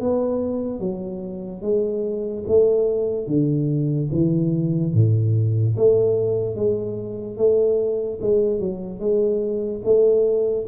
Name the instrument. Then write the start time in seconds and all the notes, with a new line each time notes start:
tuba
0.00 B3
0.79 F#3
1.61 G#3
2.47 A3
3.27 D3
4.12 E3
4.93 A2
5.76 A3
6.55 G#3
7.37 A3
8.21 G#3
8.59 F#3
8.99 G#3
9.84 A3